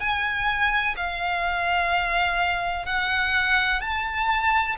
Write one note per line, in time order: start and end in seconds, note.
0.00 0.95 G#5
0.97 2.86 F5
2.86 3.81 F#5
3.81 4.76 A5